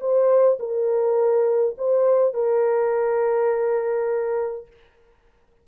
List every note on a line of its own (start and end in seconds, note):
0.00 0.58 C5
0.59 1.76 A#4
1.78 2.34 C5
2.34 4.67 A#4